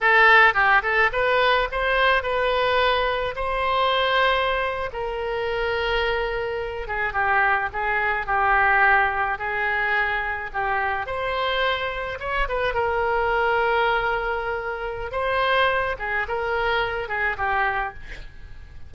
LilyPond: \new Staff \with { instrumentName = "oboe" } { \time 4/4 \tempo 4 = 107 a'4 g'8 a'8 b'4 c''4 | b'2 c''2~ | c''8. ais'2.~ ais'16~ | ais'16 gis'8 g'4 gis'4 g'4~ g'16~ |
g'8. gis'2 g'4 c''16~ | c''4.~ c''16 cis''8 b'8 ais'4~ ais'16~ | ais'2. c''4~ | c''8 gis'8 ais'4. gis'8 g'4 | }